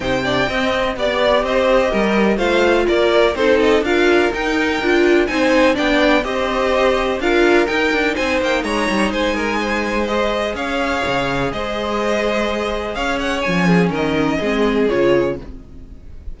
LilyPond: <<
  \new Staff \with { instrumentName = "violin" } { \time 4/4 \tempo 4 = 125 g''2 d''4 dis''4~ | dis''4 f''4 d''4 c''8 dis''8 | f''4 g''2 gis''4 | g''4 dis''2 f''4 |
g''4 gis''8 g''8 ais''4 gis''4~ | gis''4 dis''4 f''2 | dis''2. f''8 fis''8 | gis''4 dis''2 cis''4 | }
  \new Staff \with { instrumentName = "violin" } { \time 4/4 c''8 d''8 dis''4 d''4 c''4 | ais'4 c''4 ais'4 a'4 | ais'2. c''4 | d''4 c''2 ais'4~ |
ais'4 c''4 cis''4 c''8 ais'8 | c''2 cis''2 | c''2. cis''4~ | cis''8 gis'8 ais'4 gis'2 | }
  \new Staff \with { instrumentName = "viola" } { \time 4/4 dis'8 d'8 c'4 g'2~ | g'4 f'2 dis'4 | f'4 dis'4 f'4 dis'4 | d'4 g'2 f'4 |
dis'1~ | dis'4 gis'2.~ | gis'1 | cis'2 c'4 f'4 | }
  \new Staff \with { instrumentName = "cello" } { \time 4/4 c4 c'4 b4 c'4 | g4 a4 ais4 c'4 | d'4 dis'4 d'4 c'4 | b4 c'2 d'4 |
dis'8 d'8 c'8 ais8 gis8 g8 gis4~ | gis2 cis'4 cis4 | gis2. cis'4 | f4 dis4 gis4 cis4 | }
>>